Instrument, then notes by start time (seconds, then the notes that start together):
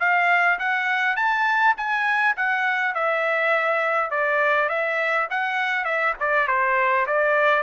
trumpet
0.00 F5
0.59 F#5
1.16 A5
1.77 G#5
2.37 F#5
2.95 E5
4.11 D5
4.69 E5
5.30 F#5
5.84 E5
6.20 D5
6.48 C5
7.07 D5